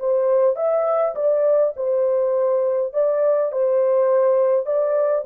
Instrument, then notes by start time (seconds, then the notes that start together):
horn
0.00 C5
0.56 E5
1.16 D5
1.76 C5
2.94 D5
3.52 C5
4.66 D5